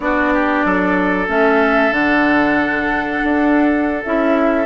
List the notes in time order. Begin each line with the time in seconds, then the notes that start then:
0.00 B3 D4 F#4 D5
0.33 G4
0.65 F#3 A4
1.27 A3 C#4 E5
1.91 D3 D4 F#5
3.23 D4
4.04 C#4 E4 E5